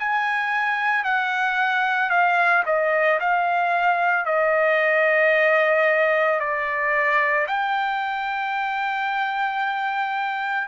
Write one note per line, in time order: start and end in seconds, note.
0.00 1.05 G#5
1.05 2.10 F#5
2.10 2.63 F5
2.66 3.20 D#5
3.20 4.26 F5
4.26 6.40 D#5
6.40 7.47 D5
7.48 10.68 G5